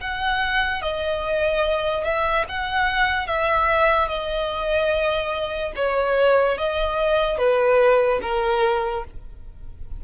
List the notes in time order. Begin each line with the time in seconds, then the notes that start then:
0.00 F#5
0.81 D#5
2.04 E5
2.48 F#5
3.27 E5
4.08 D#5
5.76 C#5
6.58 D#5
7.37 B4
8.22 A#4